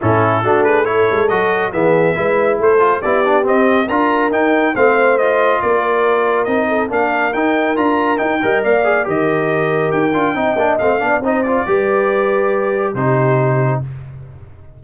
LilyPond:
<<
  \new Staff \with { instrumentName = "trumpet" } { \time 4/4 \tempo 4 = 139 a'4. b'8 cis''4 dis''4 | e''2 c''4 d''4 | dis''4 ais''4 g''4 f''4 | dis''4 d''2 dis''4 |
f''4 g''4 ais''4 g''4 | f''4 dis''2 g''4~ | g''4 f''4 dis''8 d''4.~ | d''2 c''2 | }
  \new Staff \with { instrumentName = "horn" } { \time 4/4 e'4 fis'8 gis'8 a'2 | gis'4 b'4 a'4 g'4~ | g'4 ais'2 c''4~ | c''4 ais'2~ ais'8 a'8 |
ais'2.~ ais'8 dis''8 | d''4 ais'2. | dis''4. d''8 c''4 b'4~ | b'2 g'2 | }
  \new Staff \with { instrumentName = "trombone" } { \time 4/4 cis'4 d'4 e'4 fis'4 | b4 e'4. f'8 e'8 d'8 | c'4 f'4 dis'4 c'4 | f'2. dis'4 |
d'4 dis'4 f'4 dis'8 ais'8~ | ais'8 gis'8 g'2~ g'8 f'8 | dis'8 d'8 c'8 d'8 dis'8 f'8 g'4~ | g'2 dis'2 | }
  \new Staff \with { instrumentName = "tuba" } { \time 4/4 a,4 a4. gis8 fis4 | e4 gis4 a4 b4 | c'4 d'4 dis'4 a4~ | a4 ais2 c'4 |
ais4 dis'4 d'4 dis'8 g8 | ais4 dis2 dis'8 d'8 | c'8 ais8 a8 b8 c'4 g4~ | g2 c2 | }
>>